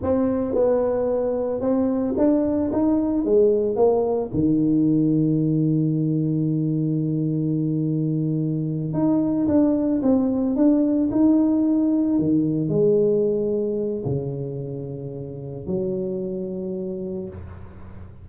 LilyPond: \new Staff \with { instrumentName = "tuba" } { \time 4/4 \tempo 4 = 111 c'4 b2 c'4 | d'4 dis'4 gis4 ais4 | dis1~ | dis1~ |
dis8 dis'4 d'4 c'4 d'8~ | d'8 dis'2 dis4 gis8~ | gis2 cis2~ | cis4 fis2. | }